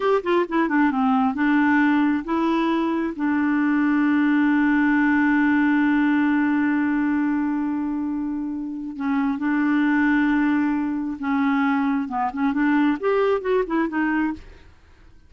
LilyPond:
\new Staff \with { instrumentName = "clarinet" } { \time 4/4 \tempo 4 = 134 g'8 f'8 e'8 d'8 c'4 d'4~ | d'4 e'2 d'4~ | d'1~ | d'1~ |
d'1 | cis'4 d'2.~ | d'4 cis'2 b8 cis'8 | d'4 g'4 fis'8 e'8 dis'4 | }